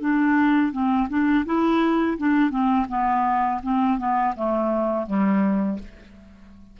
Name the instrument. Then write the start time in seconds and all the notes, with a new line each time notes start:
clarinet
0.00 D4
0.72 C4
1.08 D4
1.45 E4
2.17 D4
2.50 C4
2.88 B3
3.62 C4
3.98 B3
4.35 A3
5.06 G3